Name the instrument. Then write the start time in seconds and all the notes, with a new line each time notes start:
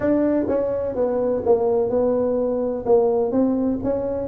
tuba
0.00 D4
0.47 C#4
0.95 B3
1.45 A#3
1.89 B3
2.85 A#3
3.31 C4
3.83 C#4